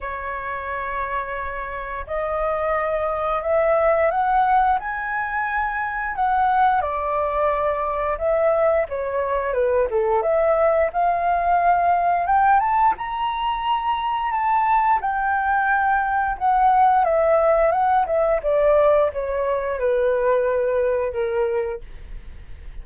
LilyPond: \new Staff \with { instrumentName = "flute" } { \time 4/4 \tempo 4 = 88 cis''2. dis''4~ | dis''4 e''4 fis''4 gis''4~ | gis''4 fis''4 d''2 | e''4 cis''4 b'8 a'8 e''4 |
f''2 g''8 a''8 ais''4~ | ais''4 a''4 g''2 | fis''4 e''4 fis''8 e''8 d''4 | cis''4 b'2 ais'4 | }